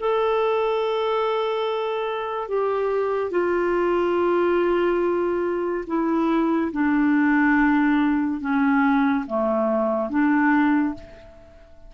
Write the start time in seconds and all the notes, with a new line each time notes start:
0.00 A4
2.49 G4
3.31 F4
5.87 E4
6.73 D4
8.41 C#4
9.27 A3
10.10 D4